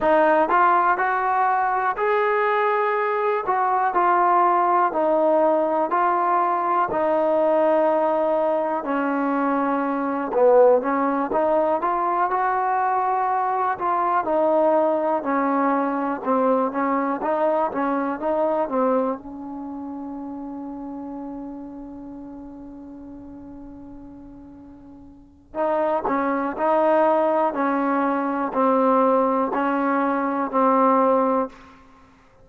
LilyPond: \new Staff \with { instrumentName = "trombone" } { \time 4/4 \tempo 4 = 61 dis'8 f'8 fis'4 gis'4. fis'8 | f'4 dis'4 f'4 dis'4~ | dis'4 cis'4. b8 cis'8 dis'8 | f'8 fis'4. f'8 dis'4 cis'8~ |
cis'8 c'8 cis'8 dis'8 cis'8 dis'8 c'8 cis'8~ | cis'1~ | cis'2 dis'8 cis'8 dis'4 | cis'4 c'4 cis'4 c'4 | }